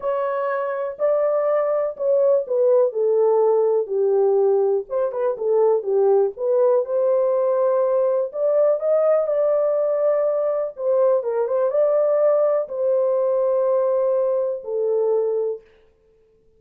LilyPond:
\new Staff \with { instrumentName = "horn" } { \time 4/4 \tempo 4 = 123 cis''2 d''2 | cis''4 b'4 a'2 | g'2 c''8 b'8 a'4 | g'4 b'4 c''2~ |
c''4 d''4 dis''4 d''4~ | d''2 c''4 ais'8 c''8 | d''2 c''2~ | c''2 a'2 | }